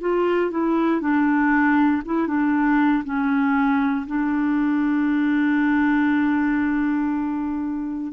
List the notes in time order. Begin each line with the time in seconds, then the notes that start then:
0.00 F4
0.50 E4
1.00 D4
2.05 E4
2.27 D4
3.04 C#4
4.06 D4